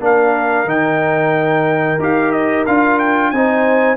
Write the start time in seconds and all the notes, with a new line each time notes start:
0.00 A#3 D4 A#4 F5
0.65 D#3 D#4 G5
1.99 D#4 G4 F5
2.32 D#5
2.66 D4 F4 F5
2.99 G5
3.31 C4 D#4 C5 G#5